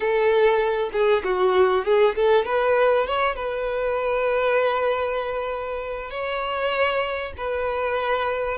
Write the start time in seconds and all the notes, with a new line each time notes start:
0.00 A4
0.92 G#4
1.24 F#4
1.84 G#4
2.15 A4
2.45 B4
3.06 C#5
3.35 B4
6.10 C#5
7.37 B4